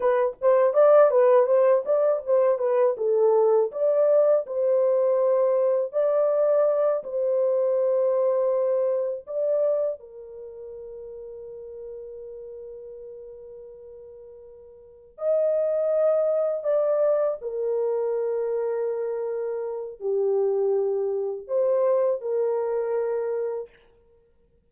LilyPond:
\new Staff \with { instrumentName = "horn" } { \time 4/4 \tempo 4 = 81 b'8 c''8 d''8 b'8 c''8 d''8 c''8 b'8 | a'4 d''4 c''2 | d''4. c''2~ c''8~ | c''8 d''4 ais'2~ ais'8~ |
ais'1~ | ais'8 dis''2 d''4 ais'8~ | ais'2. g'4~ | g'4 c''4 ais'2 | }